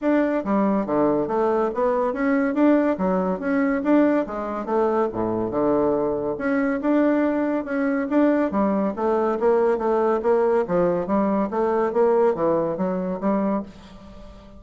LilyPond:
\new Staff \with { instrumentName = "bassoon" } { \time 4/4 \tempo 4 = 141 d'4 g4 d4 a4 | b4 cis'4 d'4 fis4 | cis'4 d'4 gis4 a4 | a,4 d2 cis'4 |
d'2 cis'4 d'4 | g4 a4 ais4 a4 | ais4 f4 g4 a4 | ais4 e4 fis4 g4 | }